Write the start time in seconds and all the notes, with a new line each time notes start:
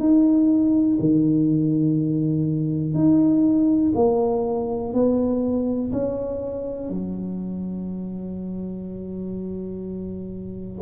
0.00 D#4
1.00 D#3
2.95 D#4
3.95 A#3
4.94 B3
5.92 C#4
6.90 F#3